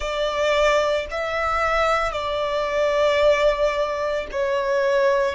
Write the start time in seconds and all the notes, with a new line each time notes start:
0.00 D5
1.10 E5
2.12 D5
4.31 C#5